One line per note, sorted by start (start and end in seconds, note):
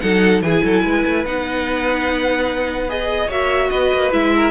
0.00 0.41 F#3
0.00 0.42 D#4
0.00 0.44 A4
0.00 0.41 F#5
0.41 0.62 E3
0.41 1.26 E4
0.41 0.64 G#4
0.41 1.24 G#5
0.64 0.83 F#3
0.64 0.83 A4
0.83 1.04 G#3
0.83 3.26 B4
1.05 1.25 A3
1.25 3.29 B3
1.25 2.88 D#4
1.25 2.89 F#5
2.88 3.29 G#4
2.88 3.30 D#5
3.26 3.70 A#3
3.26 4.11 F#4
3.26 3.67 C#5
3.26 3.70 E5
3.70 3.92 B3
3.70 4.32 B4
3.70 4.11 D#5
3.93 4.12 A#3
4.11 4.51 G#3
4.11 4.51 E4
4.11 4.51 E5
4.35 4.51 A#4